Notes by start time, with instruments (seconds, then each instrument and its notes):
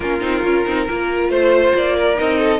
0.00 cello A#3, viola C#4, violin F4 A#4
0.20 cello C4, viola D#4
0.43 cello C#4, viola F4
0.66 cello C4, viola D#4
0.87 cello A#3, viola F4, violin A#4
1.28 cello A3, violin C5
1.75 cello A#3, violin D5
1.95 violin A#4
2.15 cello C4, viola D#4, violin D#5
2.38 violin A4